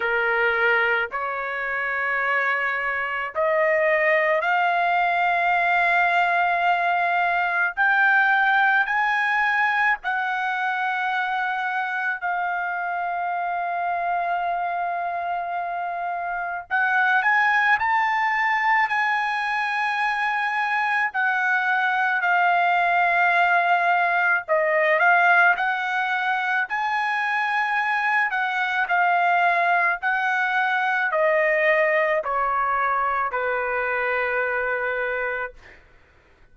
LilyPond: \new Staff \with { instrumentName = "trumpet" } { \time 4/4 \tempo 4 = 54 ais'4 cis''2 dis''4 | f''2. g''4 | gis''4 fis''2 f''4~ | f''2. fis''8 gis''8 |
a''4 gis''2 fis''4 | f''2 dis''8 f''8 fis''4 | gis''4. fis''8 f''4 fis''4 | dis''4 cis''4 b'2 | }